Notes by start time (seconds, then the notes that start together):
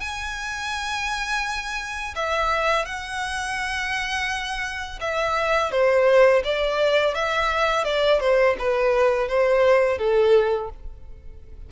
0.00 G#5
2.16 E5
2.85 F#5
5.01 E5
5.71 C5
6.44 D5
7.15 E5
7.84 D5
8.20 C5
8.58 B4
9.28 C5
9.98 A4